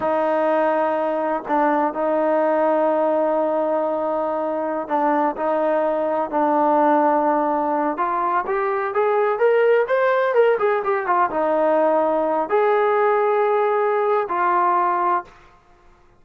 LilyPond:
\new Staff \with { instrumentName = "trombone" } { \time 4/4 \tempo 4 = 126 dis'2. d'4 | dis'1~ | dis'2~ dis'16 d'4 dis'8.~ | dis'4~ dis'16 d'2~ d'8.~ |
d'8. f'4 g'4 gis'4 ais'16~ | ais'8. c''4 ais'8 gis'8 g'8 f'8 dis'16~ | dis'2~ dis'16 gis'4.~ gis'16~ | gis'2 f'2 | }